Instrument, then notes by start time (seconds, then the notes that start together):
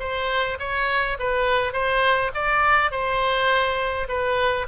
oboe
0.00 C5
0.60 C#5
1.20 B4
1.73 C5
2.35 D5
2.92 C5
4.09 B4